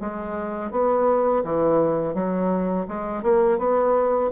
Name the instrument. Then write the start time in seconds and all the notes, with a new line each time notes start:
bassoon
0.00 G#3
0.71 B3
1.43 E3
2.14 F#3
2.88 G#3
3.22 A#3
3.58 B3